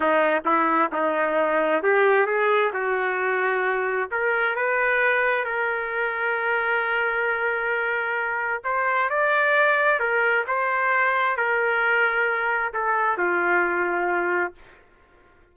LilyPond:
\new Staff \with { instrumentName = "trumpet" } { \time 4/4 \tempo 4 = 132 dis'4 e'4 dis'2 | g'4 gis'4 fis'2~ | fis'4 ais'4 b'2 | ais'1~ |
ais'2. c''4 | d''2 ais'4 c''4~ | c''4 ais'2. | a'4 f'2. | }